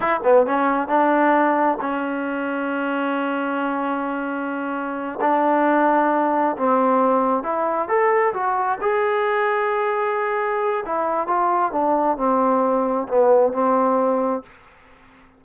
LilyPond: \new Staff \with { instrumentName = "trombone" } { \time 4/4 \tempo 4 = 133 e'8 b8 cis'4 d'2 | cis'1~ | cis'2.~ cis'8 d'8~ | d'2~ d'8 c'4.~ |
c'8 e'4 a'4 fis'4 gis'8~ | gis'1 | e'4 f'4 d'4 c'4~ | c'4 b4 c'2 | }